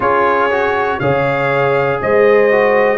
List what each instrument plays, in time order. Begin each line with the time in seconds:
0.00 tuba C#4, trombone F4, horn G#4, trumpet C#5
0.50 trombone F#4
0.99 tuba C#3, trombone G#4, horn C#5, trumpet F5
2.01 tuba G#3, horn C5, trumpet D#5
2.51 trombone F#4